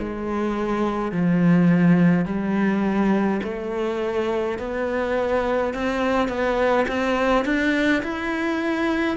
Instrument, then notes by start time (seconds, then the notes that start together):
cello
0.00 G#3
1.12 F3
2.26 G3
3.44 A3
4.59 B3
5.74 C4
6.28 B3
6.88 C4
7.45 D4
8.03 E4